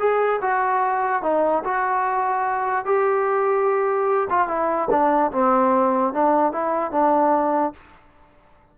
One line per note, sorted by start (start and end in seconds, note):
0.00 0.41 G#4
0.42 1.23 F#4
1.23 1.64 D#4
1.65 2.86 F#4
2.86 4.29 G4
4.30 4.48 F4
4.48 4.89 E4
4.91 5.32 D4
5.32 6.14 C4
6.14 6.53 D4
6.53 6.92 E4
6.92 7.73 D4